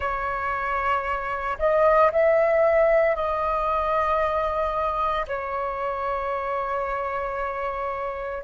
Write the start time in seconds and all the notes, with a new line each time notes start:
0.00 C#5
1.58 D#5
2.11 E5
3.15 D#5
5.27 C#5